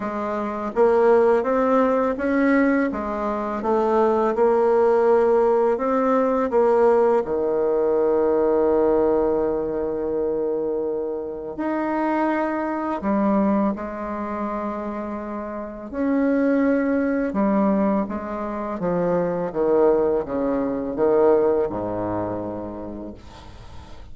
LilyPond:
\new Staff \with { instrumentName = "bassoon" } { \time 4/4 \tempo 4 = 83 gis4 ais4 c'4 cis'4 | gis4 a4 ais2 | c'4 ais4 dis2~ | dis1 |
dis'2 g4 gis4~ | gis2 cis'2 | g4 gis4 f4 dis4 | cis4 dis4 gis,2 | }